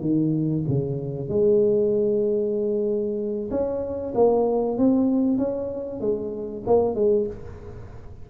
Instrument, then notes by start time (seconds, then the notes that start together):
tuba
0.00 D#3
0.68 C#3
1.28 G#3
3.50 C#4
4.14 A#3
4.77 C4
5.37 C#4
6.00 G#3
6.66 A#3
6.94 G#3